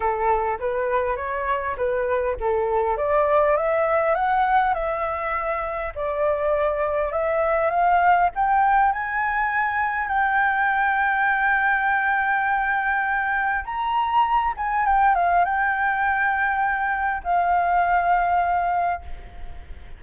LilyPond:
\new Staff \with { instrumentName = "flute" } { \time 4/4 \tempo 4 = 101 a'4 b'4 cis''4 b'4 | a'4 d''4 e''4 fis''4 | e''2 d''2 | e''4 f''4 g''4 gis''4~ |
gis''4 g''2.~ | g''2. ais''4~ | ais''8 gis''8 g''8 f''8 g''2~ | g''4 f''2. | }